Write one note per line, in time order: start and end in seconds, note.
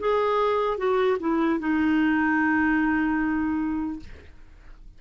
0.00 0.78 G#4
0.78 1.18 F#4
1.20 1.60 E4
1.60 4.00 D#4